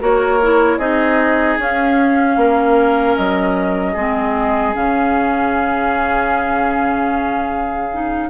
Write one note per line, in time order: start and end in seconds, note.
0.00 0.78 A#3
0.00 0.39 F#4
0.00 0.78 A#4
0.00 0.78 C#5
0.42 0.80 E4
0.78 1.57 C4
0.78 1.59 D#4
0.78 2.36 G#4
0.78 1.57 D#5
1.58 2.36 C#4
1.58 3.96 C#4
1.58 3.16 F5
2.36 3.15 A#3
2.36 3.93 A#4
3.16 3.95 F#3
3.16 4.74 D#5
3.93 4.74 G#3
3.93 4.74 C4
3.93 8.27 G#4
4.74 8.29 C#3
4.74 7.89 C#4
4.74 8.29 F5
7.93 8.29 D#4